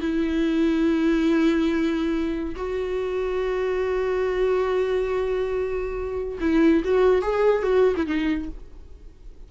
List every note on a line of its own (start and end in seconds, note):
0.00 2.55 E4
2.56 6.38 F#4
6.40 6.83 E4
6.84 7.22 F#4
7.22 7.63 G#4
7.63 7.95 F#4
7.96 8.06 E4
8.06 8.49 D#4